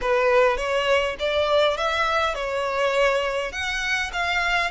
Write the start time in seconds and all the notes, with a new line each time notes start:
0.01 B4
0.57 C#5
1.19 D5
1.77 E5
2.34 C#5
3.52 F#5
4.12 F5